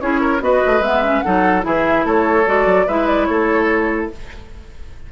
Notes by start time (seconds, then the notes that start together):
0.00 C#4 E4 G#4 C#5
0.21 A#4
0.40 B3 F#4 B4 D#5
0.66 A3
0.80 G#3 B3 E5
1.03 C#4
1.21 F#3 D#4 A4 F#5
1.61 E3 E4 G#4 E5
2.04 A3 A4 C#5
2.46 G#3 F#4 D5
2.65 F#3
2.87 G#3 E4 B4 E5
3.07 D5
3.25 A3 A4 C#5